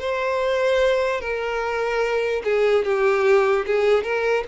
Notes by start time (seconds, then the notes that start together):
0.00 C5
1.21 A#4
2.44 G#4
2.85 G4
3.67 G#4
4.04 A#4